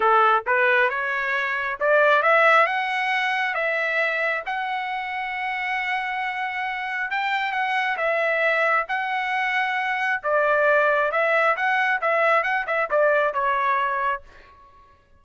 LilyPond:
\new Staff \with { instrumentName = "trumpet" } { \time 4/4 \tempo 4 = 135 a'4 b'4 cis''2 | d''4 e''4 fis''2 | e''2 fis''2~ | fis''1 |
g''4 fis''4 e''2 | fis''2. d''4~ | d''4 e''4 fis''4 e''4 | fis''8 e''8 d''4 cis''2 | }